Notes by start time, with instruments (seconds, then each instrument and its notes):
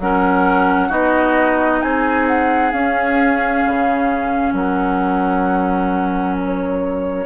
0.00 bassoon F#3, clarinet C#4, oboe A#4, flute F#5
0.88 bassoon B3, clarinet D#4, oboe F#4, flute D#5
1.81 bassoon C4, oboe G#4, flute G#5
2.28 flute F#5
2.72 bassoon C#4, clarinet C#4, flute F5
3.66 bassoon C#3
4.53 bassoon F#3, oboe A#4, flute F#5
6.40 flute C#5